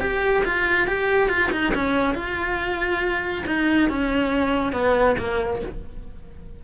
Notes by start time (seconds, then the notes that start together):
0.00 G4
0.45 F4
0.87 G4
1.29 F4
1.52 D#4
1.75 C#4
2.14 F4
3.46 D#4
3.89 C#4
4.72 B3
5.19 A#3